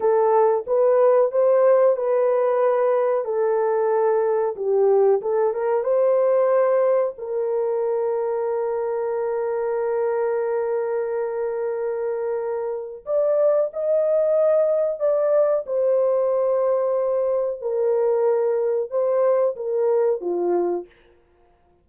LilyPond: \new Staff \with { instrumentName = "horn" } { \time 4/4 \tempo 4 = 92 a'4 b'4 c''4 b'4~ | b'4 a'2 g'4 | a'8 ais'8 c''2 ais'4~ | ais'1~ |
ais'1 | d''4 dis''2 d''4 | c''2. ais'4~ | ais'4 c''4 ais'4 f'4 | }